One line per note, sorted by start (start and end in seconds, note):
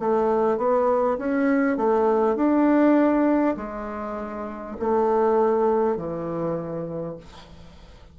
0.00 0.58 A3
0.58 1.18 B3
1.18 1.77 C#4
1.77 2.36 A3
2.36 3.56 D4
3.57 4.77 G#3
4.80 5.97 A3
5.97 7.17 E3